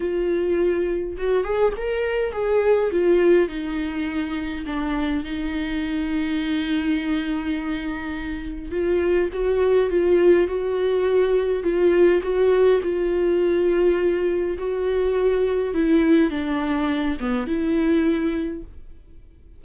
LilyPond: \new Staff \with { instrumentName = "viola" } { \time 4/4 \tempo 4 = 103 f'2 fis'8 gis'8 ais'4 | gis'4 f'4 dis'2 | d'4 dis'2.~ | dis'2. f'4 |
fis'4 f'4 fis'2 | f'4 fis'4 f'2~ | f'4 fis'2 e'4 | d'4. b8 e'2 | }